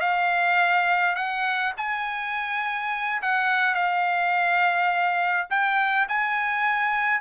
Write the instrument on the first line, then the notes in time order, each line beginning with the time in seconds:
trumpet
0.00 F5
1.15 F#5
1.77 G#5
3.22 F#5
3.74 F5
5.50 G5
6.08 G#5